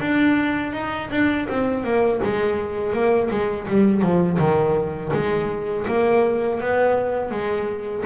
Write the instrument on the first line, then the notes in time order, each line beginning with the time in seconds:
double bass
0.00 D4
0.73 D#4
1.11 D4
1.49 C4
1.84 A#3
2.24 G#3
2.93 A#3
3.31 G#3
3.68 G3
4.02 F3
4.39 D#3
5.14 G#3
5.88 A#3
6.61 B3
7.31 G#3